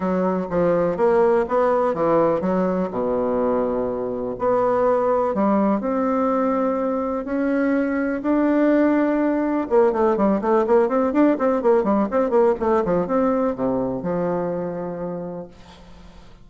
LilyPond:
\new Staff \with { instrumentName = "bassoon" } { \time 4/4 \tempo 4 = 124 fis4 f4 ais4 b4 | e4 fis4 b,2~ | b,4 b2 g4 | c'2. cis'4~ |
cis'4 d'2. | ais8 a8 g8 a8 ais8 c'8 d'8 c'8 | ais8 g8 c'8 ais8 a8 f8 c'4 | c4 f2. | }